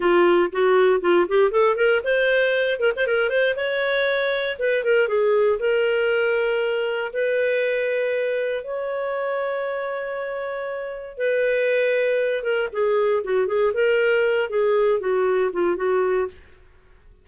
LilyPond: \new Staff \with { instrumentName = "clarinet" } { \time 4/4 \tempo 4 = 118 f'4 fis'4 f'8 g'8 a'8 ais'8 | c''4. ais'16 c''16 ais'8 c''8 cis''4~ | cis''4 b'8 ais'8 gis'4 ais'4~ | ais'2 b'2~ |
b'4 cis''2.~ | cis''2 b'2~ | b'8 ais'8 gis'4 fis'8 gis'8 ais'4~ | ais'8 gis'4 fis'4 f'8 fis'4 | }